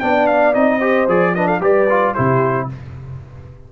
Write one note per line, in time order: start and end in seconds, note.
0.00 0.55 B3
0.00 0.54 D4
0.00 0.78 D5
0.00 0.27 G5
0.27 0.54 F5
0.54 1.08 C4
0.54 0.80 D#4
0.54 1.08 D#5
0.78 1.07 G4
0.78 1.32 C5
1.08 1.60 F3
1.08 1.35 G#4
1.08 1.35 D5
1.35 1.61 D4
1.35 1.46 B4
1.35 1.48 D#5
1.46 1.60 A4
1.46 1.61 F5
1.60 2.14 G3
1.60 1.87 G4
1.60 2.15 B4
1.60 2.14 D5
1.90 2.16 F4
2.14 2.72 C3
2.14 2.69 E4
2.14 2.69 G4
2.14 2.68 C5